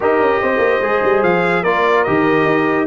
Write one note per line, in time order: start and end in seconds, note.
0.00 0.19 D#4
0.00 0.82 G4
0.00 0.41 A#4
0.00 1.23 D#5
0.19 0.40 C#4
0.41 0.58 C4
0.41 1.63 C5
0.58 0.78 A#3
0.80 1.01 G#3
0.80 1.64 G#4
1.03 1.23 G3
1.23 1.64 F3
1.23 1.63 F5
1.63 2.05 A#3
1.63 2.06 F4
1.63 2.86 A#4
1.63 2.04 D5
2.04 2.45 D#3
2.04 2.87 G4
2.04 2.86 D#5
2.45 2.86 D#4